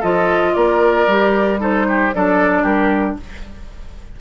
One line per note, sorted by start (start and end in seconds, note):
0.00 0.56 F3
0.00 1.08 F4
0.00 0.53 A4
0.00 0.54 D#5
0.54 1.07 A#3
0.54 1.60 A#4
0.54 1.59 D5
1.07 2.12 G3
1.07 1.59 G4
1.59 2.12 D#4
1.59 1.87 A4
1.59 2.15 C5
1.89 2.15 G4
2.15 2.64 F#3
2.15 3.21 D4
2.15 2.63 A4
2.15 2.64 D5
2.63 3.17 G3
2.63 3.16 G4
2.63 3.17 A#4